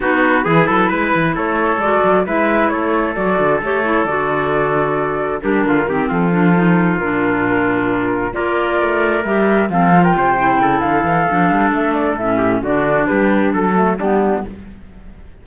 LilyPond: <<
  \new Staff \with { instrumentName = "flute" } { \time 4/4 \tempo 4 = 133 b'2. cis''4 | d''4 e''4 cis''4 d''4 | cis''4 d''2. | ais'4. a'2 ais'8~ |
ais'2~ ais'8 d''4.~ | d''8 e''4 f''8. g''4.~ g''16 | f''2 e''8 d''8 e''4 | d''4 b'4 a'4 g'4 | }
  \new Staff \with { instrumentName = "trumpet" } { \time 4/4 fis'4 gis'8 a'8 b'4 a'4~ | a'4 b'4 a'2~ | a'1 | g'8 f'8 g'8 f'2~ f'8~ |
f'2~ f'8 ais'4.~ | ais'4. a'8. ais'16 c''4 a'8~ | a'2.~ a'8 g'8 | fis'4 g'4 a'4 d'4 | }
  \new Staff \with { instrumentName = "clarinet" } { \time 4/4 dis'4 e'2. | fis'4 e'2 fis'4 | g'8 e'8 fis'2. | d'4 c'4 d'8 dis'4 d'8~ |
d'2~ d'8 f'4.~ | f'8 g'4 c'8 f'4 e'4~ | e'4 d'2 cis'4 | d'2~ d'8 a8 b4 | }
  \new Staff \with { instrumentName = "cello" } { \time 4/4 b4 e8 fis8 gis8 e8 a4 | gis8 fis8 gis4 a4 fis8 d8 | a4 d2. | g8 d8 dis8 f2 ais,8~ |
ais,2~ ais,8 ais4 a8~ | a8 g4 f4 c4 cis8 | d8 e8 f8 g8 a4 a,4 | d4 g4 fis4 g4 | }
>>